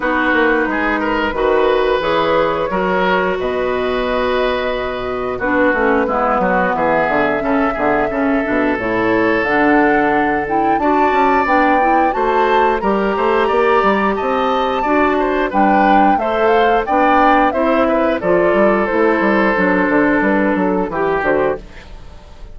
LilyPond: <<
  \new Staff \with { instrumentName = "flute" } { \time 4/4 \tempo 4 = 89 b'2. cis''4~ | cis''4 dis''2. | b'2 e''2~ | e''4 cis''4 fis''4. g''8 |
a''4 g''4 a''4 ais''4~ | ais''4 a''2 g''4 | e''8 f''8 g''4 e''4 d''4 | c''2 b'8 a'8 b'8 c''8 | }
  \new Staff \with { instrumentName = "oboe" } { \time 4/4 fis'4 gis'8 ais'8 b'2 | ais'4 b'2. | fis'4 e'8 fis'8 gis'4 a'8 gis'8 | a'1 |
d''2 c''4 ais'8 c''8 | d''4 dis''4 d''8 c''8 b'4 | c''4 d''4 c''8 b'8 a'4~ | a'2. g'4 | }
  \new Staff \with { instrumentName = "clarinet" } { \time 4/4 dis'2 fis'4 gis'4 | fis'1 | d'8 cis'8 b2 cis'8 b8 | cis'8 d'8 e'4 d'4. e'8 |
fis'4 d'8 e'8 fis'4 g'4~ | g'2 fis'4 d'4 | a'4 d'4 e'4 f'4 | e'4 d'2 g'8 fis'8 | }
  \new Staff \with { instrumentName = "bassoon" } { \time 4/4 b8 ais8 gis4 dis4 e4 | fis4 b,2. | b8 a8 gis8 fis8 e8 d8 cis8 d8 | cis8 b,8 a,4 d2 |
d'8 cis'8 b4 a4 g8 a8 | ais8 g8 c'4 d'4 g4 | a4 b4 c'4 f8 g8 | a8 g8 fis8 d8 g8 fis8 e8 d8 | }
>>